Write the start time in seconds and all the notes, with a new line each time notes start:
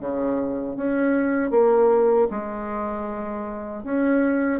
0.00 C#3
0.76 C#4
1.50 A#3
2.30 G#3
3.84 C#4